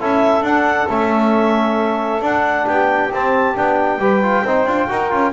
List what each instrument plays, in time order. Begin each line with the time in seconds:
0.00 double bass C#4, trombone E4, saxophone A4, clarinet E5
0.42 double bass D4, trombone D4, clarinet F#5
0.89 double bass A3, trombone C#4, clarinet E5
2.21 double bass D4, trombone D4, clarinet F#5
2.67 double bass B3, saxophone G4, clarinet G5
3.12 double bass C4, trombone C4, clarinet A5
3.56 double bass B3, trombone D4, clarinet G5
3.98 double bass G3, trombone G4, saxophone B4
4.23 trombone F4
4.44 double bass C4, trombone D#4, saxophone C5
4.66 double bass D4, trombone F4
4.89 double bass D#4, trombone F#4, saxophone A#4
5.11 double bass C#4, trombone F4